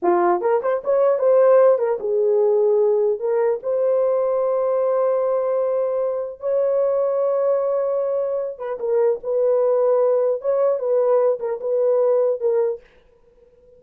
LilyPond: \new Staff \with { instrumentName = "horn" } { \time 4/4 \tempo 4 = 150 f'4 ais'8 c''8 cis''4 c''4~ | c''8 ais'8 gis'2. | ais'4 c''2.~ | c''1 |
cis''1~ | cis''4. b'8 ais'4 b'4~ | b'2 cis''4 b'4~ | b'8 ais'8 b'2 ais'4 | }